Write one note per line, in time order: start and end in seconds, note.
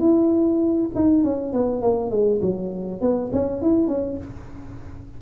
0.00 0.90 E4
0.95 1.24 D#4
1.24 1.53 C#4
1.53 1.82 B3
1.82 2.11 A#3
2.11 2.41 G#3
2.42 3.01 F#3
3.01 3.31 B3
3.33 3.62 C#4
3.62 3.88 E4
3.88 4.18 C#4